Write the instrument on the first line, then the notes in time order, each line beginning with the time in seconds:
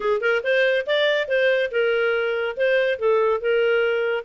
clarinet
0.00 G#4
0.20 A#4
0.43 C5
0.86 D5
1.28 C5
1.71 A#4
2.56 C5
2.98 A4
3.40 A#4